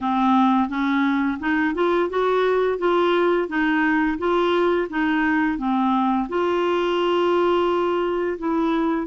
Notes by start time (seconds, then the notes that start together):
0.00 C4
0.68 C#4
1.40 D#4
1.74 F4
2.09 F#4
2.78 F4
3.48 D#4
4.18 F4
4.89 D#4
5.58 C4
6.29 F4
8.38 E4